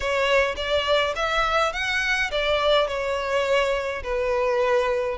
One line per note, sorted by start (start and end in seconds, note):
0.00 0.55 C#5
0.56 1.14 D5
1.15 1.73 E5
1.73 2.30 F#5
2.31 2.87 D5
2.87 4.02 C#5
4.03 5.17 B4